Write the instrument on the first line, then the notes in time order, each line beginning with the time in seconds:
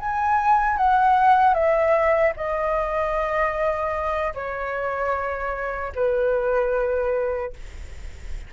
flute
0.00 G#5
0.77 F#5
1.54 E5
2.36 D#5
4.35 C#5
5.95 B4